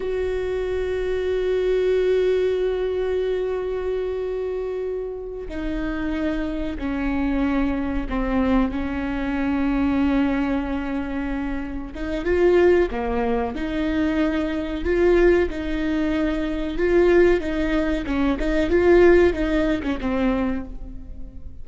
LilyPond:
\new Staff \with { instrumentName = "viola" } { \time 4/4 \tempo 4 = 93 fis'1~ | fis'1~ | fis'8 dis'2 cis'4.~ | cis'8 c'4 cis'2~ cis'8~ |
cis'2~ cis'8 dis'8 f'4 | ais4 dis'2 f'4 | dis'2 f'4 dis'4 | cis'8 dis'8 f'4 dis'8. cis'16 c'4 | }